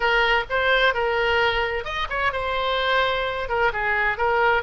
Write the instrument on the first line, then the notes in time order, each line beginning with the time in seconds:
oboe
0.00 A#4
0.49 C5
0.94 A#4
1.84 D#5
2.09 C#5
2.32 C5
3.48 A#4
3.72 G#4
4.17 A#4